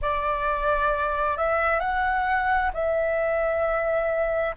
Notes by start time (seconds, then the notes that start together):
0.01 D5
1.37 E5
1.80 F#5
2.73 E5